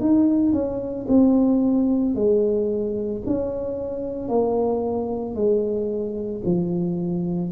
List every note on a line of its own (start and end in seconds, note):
0.00 0.53 D#4
0.53 1.06 C#4
1.08 2.15 C4
2.15 3.22 G#3
3.26 4.29 C#4
4.29 5.35 A#3
5.35 6.42 G#3
6.45 7.51 F3